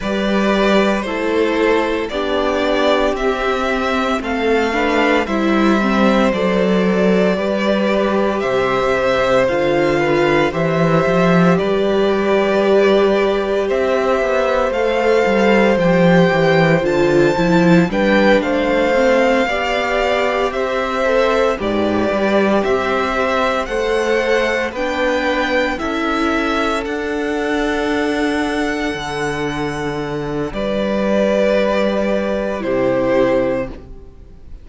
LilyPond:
<<
  \new Staff \with { instrumentName = "violin" } { \time 4/4 \tempo 4 = 57 d''4 c''4 d''4 e''4 | f''4 e''4 d''2 | e''4 f''4 e''4 d''4~ | d''4 e''4 f''4 g''4 |
a''4 g''8 f''2 e''8~ | e''8 d''4 e''4 fis''4 g''8~ | g''8 e''4 fis''2~ fis''8~ | fis''4 d''2 c''4 | }
  \new Staff \with { instrumentName = "violin" } { \time 4/4 b'4 a'4 g'2 | a'8 b'8 c''2 b'4 | c''4. b'8 c''4 b'4~ | b'4 c''2.~ |
c''4 b'8 c''4 d''4 c''8~ | c''8 g'2 c''4 b'8~ | b'8 a'2.~ a'8~ | a'4 b'2 g'4 | }
  \new Staff \with { instrumentName = "viola" } { \time 4/4 g'4 e'4 d'4 c'4~ | c'8 d'8 e'8 c'8 a'4 g'4~ | g'4 f'4 g'2~ | g'2 a'4 g'4 |
f'8 e'8 d'4 c'8 g'4. | a'8 b'4 c''4 a'4 d'8~ | d'8 e'4 d'2~ d'8~ | d'2. e'4 | }
  \new Staff \with { instrumentName = "cello" } { \time 4/4 g4 a4 b4 c'4 | a4 g4 fis4 g4 | c4 d4 e8 f8 g4~ | g4 c'8 b8 a8 g8 f8 e8 |
d8 f8 g8 a4 b4 c'8~ | c'8 gis,8 g8 c'4 a4 b8~ | b8 cis'4 d'2 d8~ | d4 g2 c4 | }
>>